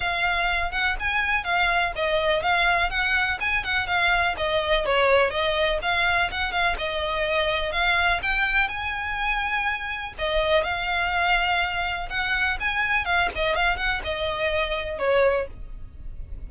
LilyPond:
\new Staff \with { instrumentName = "violin" } { \time 4/4 \tempo 4 = 124 f''4. fis''8 gis''4 f''4 | dis''4 f''4 fis''4 gis''8 fis''8 | f''4 dis''4 cis''4 dis''4 | f''4 fis''8 f''8 dis''2 |
f''4 g''4 gis''2~ | gis''4 dis''4 f''2~ | f''4 fis''4 gis''4 f''8 dis''8 | f''8 fis''8 dis''2 cis''4 | }